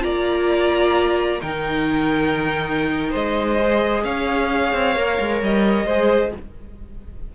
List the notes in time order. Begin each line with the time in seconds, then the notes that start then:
0.00 A#3 F4 D5 A#5
1.41 D#3 D#4 A#4 G5
3.10 G#3 C5 D#5
3.59 G#4
4.03 C#4 C#5 F5
4.73 C4
4.95 A#3 A#4
5.20 G#3
5.42 G3 D#5
5.85 G#3 G#4 C5